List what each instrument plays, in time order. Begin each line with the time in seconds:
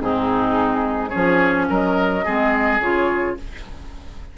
0.00 bassoon G#2, clarinet C4, oboe D#4, flute G#4
1.09 bassoon F3, clarinet C#4, oboe G#4, flute C#5
1.69 bassoon F#3, oboe A#4, flute D#5
2.24 bassoon G#3, clarinet C4, oboe G#4
2.79 bassoon C#3, clarinet F4, flute C#5